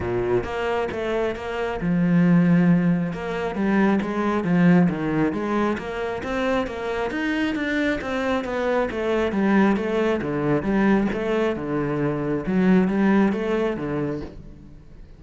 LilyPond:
\new Staff \with { instrumentName = "cello" } { \time 4/4 \tempo 4 = 135 ais,4 ais4 a4 ais4 | f2. ais4 | g4 gis4 f4 dis4 | gis4 ais4 c'4 ais4 |
dis'4 d'4 c'4 b4 | a4 g4 a4 d4 | g4 a4 d2 | fis4 g4 a4 d4 | }